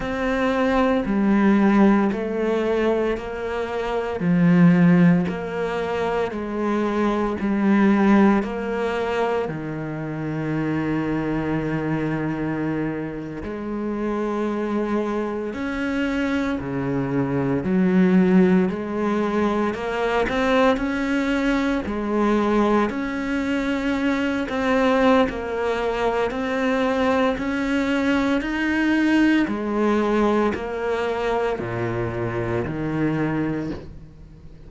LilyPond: \new Staff \with { instrumentName = "cello" } { \time 4/4 \tempo 4 = 57 c'4 g4 a4 ais4 | f4 ais4 gis4 g4 | ais4 dis2.~ | dis8. gis2 cis'4 cis16~ |
cis8. fis4 gis4 ais8 c'8 cis'16~ | cis'8. gis4 cis'4. c'8. | ais4 c'4 cis'4 dis'4 | gis4 ais4 ais,4 dis4 | }